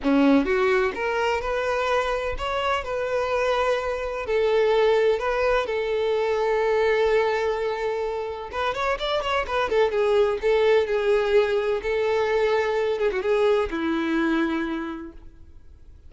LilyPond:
\new Staff \with { instrumentName = "violin" } { \time 4/4 \tempo 4 = 127 cis'4 fis'4 ais'4 b'4~ | b'4 cis''4 b'2~ | b'4 a'2 b'4 | a'1~ |
a'2 b'8 cis''8 d''8 cis''8 | b'8 a'8 gis'4 a'4 gis'4~ | gis'4 a'2~ a'8 gis'16 fis'16 | gis'4 e'2. | }